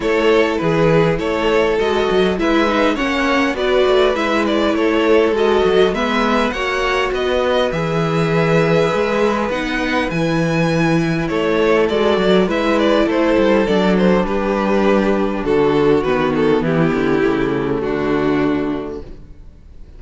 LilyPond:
<<
  \new Staff \with { instrumentName = "violin" } { \time 4/4 \tempo 4 = 101 cis''4 b'4 cis''4 dis''4 | e''4 fis''4 d''4 e''8 d''8 | cis''4 dis''4 e''4 fis''4 | dis''4 e''2. |
fis''4 gis''2 cis''4 | d''4 e''8 d''8 c''4 d''8 c''8 | b'2 a'4 b'8 a'8 | g'2 fis'2 | }
  \new Staff \with { instrumentName = "violin" } { \time 4/4 a'4 gis'4 a'2 | b'4 cis''4 b'2 | a'2 b'4 cis''4 | b'1~ |
b'2. a'4~ | a'4 b'4 a'2 | g'2 fis'2 | e'2 d'2 | }
  \new Staff \with { instrumentName = "viola" } { \time 4/4 e'2. fis'4 | e'8 dis'8 cis'4 fis'4 e'4~ | e'4 fis'4 b4 fis'4~ | fis'4 gis'2. |
dis'4 e'2. | fis'4 e'2 d'4~ | d'2. b4~ | b4 a2. | }
  \new Staff \with { instrumentName = "cello" } { \time 4/4 a4 e4 a4 gis8 fis8 | gis4 ais4 b8 a8 gis4 | a4 gis8 fis8 gis4 ais4 | b4 e2 gis4 |
b4 e2 a4 | gis8 fis8 gis4 a8 g8 fis4 | g2 d4 dis4 | e8 d8 cis4 d2 | }
>>